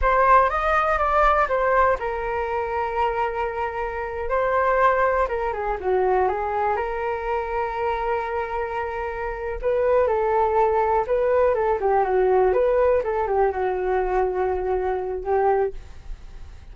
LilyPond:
\new Staff \with { instrumentName = "flute" } { \time 4/4 \tempo 4 = 122 c''4 dis''4 d''4 c''4 | ais'1~ | ais'8. c''2 ais'8 gis'8 fis'16~ | fis'8. gis'4 ais'2~ ais'16~ |
ais'2.~ ais'8 b'8~ | b'8 a'2 b'4 a'8 | g'8 fis'4 b'4 a'8 g'8 fis'8~ | fis'2. g'4 | }